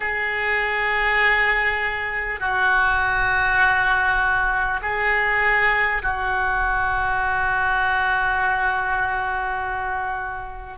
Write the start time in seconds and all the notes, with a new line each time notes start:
0.00 G#4
2.39 F#4
4.82 G#4
6.02 F#4